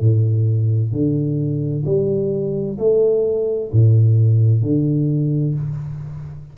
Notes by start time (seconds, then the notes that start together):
0.00 A2
0.92 D3
1.85 G3
2.78 A3
3.72 A2
4.62 D3